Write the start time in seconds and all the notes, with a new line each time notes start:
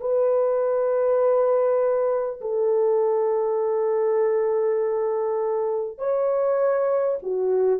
0.00 B4
2.41 A4
5.98 C#5
7.23 F#4